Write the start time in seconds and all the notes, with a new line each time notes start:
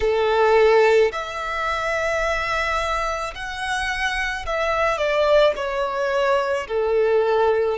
0.00 A4
1.12 E5
3.34 F#5
4.45 E5
4.97 D5
5.56 C#5
6.67 A4